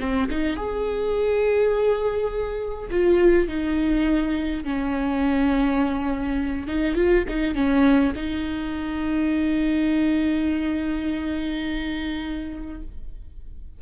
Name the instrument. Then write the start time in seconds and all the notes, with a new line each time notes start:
viola
0.00 C4
0.30 D#4
0.56 G#4
2.90 F4
3.48 D#4
4.64 C#4
6.67 D#4
6.95 F4
7.28 D#4
7.55 C#4
8.16 D#4